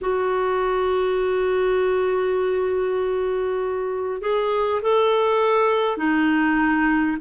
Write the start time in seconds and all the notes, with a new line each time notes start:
0.01 F#4
4.21 G#4
4.82 A4
5.97 D#4